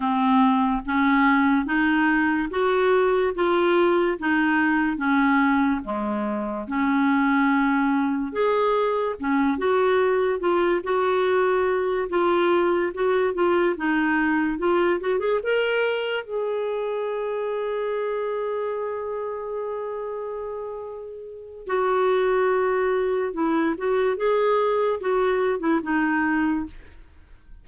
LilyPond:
\new Staff \with { instrumentName = "clarinet" } { \time 4/4 \tempo 4 = 72 c'4 cis'4 dis'4 fis'4 | f'4 dis'4 cis'4 gis4 | cis'2 gis'4 cis'8 fis'8~ | fis'8 f'8 fis'4. f'4 fis'8 |
f'8 dis'4 f'8 fis'16 gis'16 ais'4 gis'8~ | gis'1~ | gis'2 fis'2 | e'8 fis'8 gis'4 fis'8. e'16 dis'4 | }